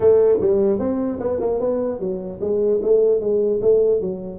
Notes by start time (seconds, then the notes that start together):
0.00 A3
0.40 G3
0.79 C4
1.19 B3
1.40 A#3
1.59 B3
1.99 F#3
2.40 G#3
2.82 A3
3.20 G#3
3.61 A3
4.01 F#3